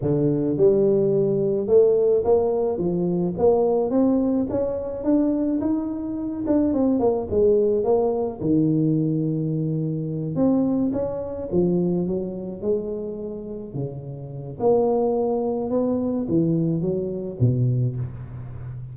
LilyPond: \new Staff \with { instrumentName = "tuba" } { \time 4/4 \tempo 4 = 107 d4 g2 a4 | ais4 f4 ais4 c'4 | cis'4 d'4 dis'4. d'8 | c'8 ais8 gis4 ais4 dis4~ |
dis2~ dis8 c'4 cis'8~ | cis'8 f4 fis4 gis4.~ | gis8 cis4. ais2 | b4 e4 fis4 b,4 | }